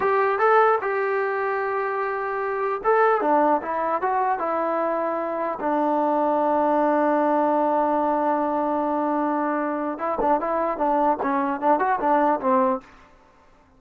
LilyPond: \new Staff \with { instrumentName = "trombone" } { \time 4/4 \tempo 4 = 150 g'4 a'4 g'2~ | g'2. a'4 | d'4 e'4 fis'4 e'4~ | e'2 d'2~ |
d'1~ | d'1~ | d'4 e'8 d'8 e'4 d'4 | cis'4 d'8 fis'8 d'4 c'4 | }